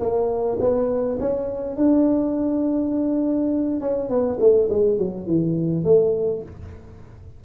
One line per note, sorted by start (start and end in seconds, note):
0.00 0.58 A#3
0.60 1.18 B3
1.20 1.76 C#4
1.76 3.80 D4
3.80 4.09 C#4
4.09 4.38 B3
4.40 4.69 A3
4.69 4.98 G#3
4.98 5.26 F#3
5.26 5.84 E3
5.84 6.42 A3